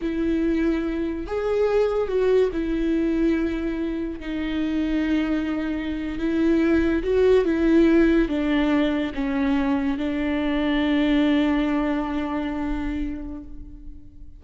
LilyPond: \new Staff \with { instrumentName = "viola" } { \time 4/4 \tempo 4 = 143 e'2. gis'4~ | gis'4 fis'4 e'2~ | e'2 dis'2~ | dis'2~ dis'8. e'4~ e'16~ |
e'8. fis'4 e'2 d'16~ | d'4.~ d'16 cis'2 d'16~ | d'1~ | d'1 | }